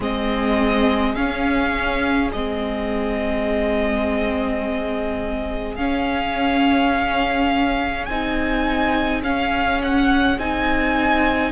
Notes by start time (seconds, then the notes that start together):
0.00 G#3 C4 G#4 D#5
1.15 C#4 F5
2.32 G#3 C4 D#5
5.75 C#4 F5
8.05 C4 D#4 G#5
9.22 C#4 F5
9.82 F#5
10.38 C4 D#4 G#5